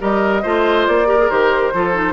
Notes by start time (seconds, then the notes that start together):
0.00 G3 G4 A#4 D#5
0.43 A3 F4 C5
0.88 A#3 D5
1.07 G4 A#4
1.19 G#4
1.30 D#3 G4 C5
1.73 F3 F4 A4
1.94 D#4